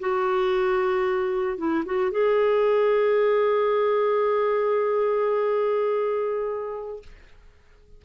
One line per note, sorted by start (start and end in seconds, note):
0.00 1.58 F#4
1.58 1.84 E4
1.85 2.11 F#4
2.11 7.03 G#4